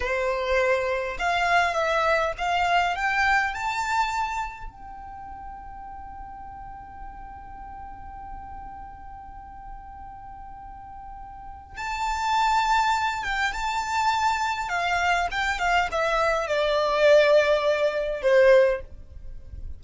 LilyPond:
\new Staff \with { instrumentName = "violin" } { \time 4/4 \tempo 4 = 102 c''2 f''4 e''4 | f''4 g''4 a''2 | g''1~ | g''1~ |
g''1 | a''2~ a''8 g''8 a''4~ | a''4 f''4 g''8 f''8 e''4 | d''2. c''4 | }